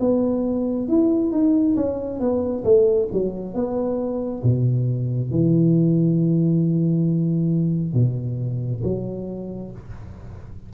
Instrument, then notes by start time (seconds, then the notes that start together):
tuba
0.00 B3
0.88 E4
1.32 D#4
1.76 C#4
2.20 B3
2.64 A3
3.13 F#3
3.54 B3
4.43 B2
5.31 E3
7.94 B2
8.83 F#3